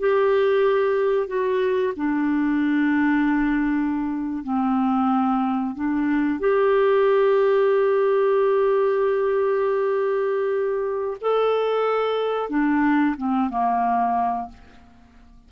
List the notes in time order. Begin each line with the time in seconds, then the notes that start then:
0.00 G4
1.28 F#4
1.97 D4
4.44 C4
5.75 D4
6.40 G4
11.21 A4
12.50 D4
13.17 C4
13.50 A#3